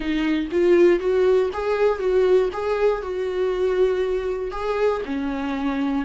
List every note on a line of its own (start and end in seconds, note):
0.00 0.48 D#4
0.51 0.99 F4
0.99 1.50 F#4
1.53 1.99 G#4
1.99 2.49 F#4
2.53 3.01 G#4
3.01 4.51 F#4
4.51 5.01 G#4
5.05 6.05 C#4